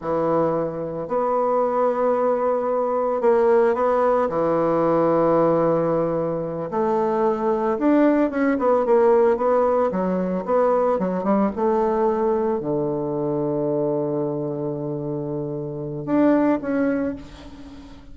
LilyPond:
\new Staff \with { instrumentName = "bassoon" } { \time 4/4 \tempo 4 = 112 e2 b2~ | b2 ais4 b4 | e1~ | e8 a2 d'4 cis'8 |
b8 ais4 b4 fis4 b8~ | b8 fis8 g8 a2 d8~ | d1~ | d2 d'4 cis'4 | }